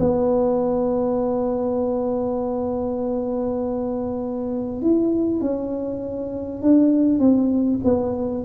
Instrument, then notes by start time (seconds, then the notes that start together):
tuba
0.00 B3
4.82 E4
5.41 C#4
6.62 D4
7.20 C4
7.84 B3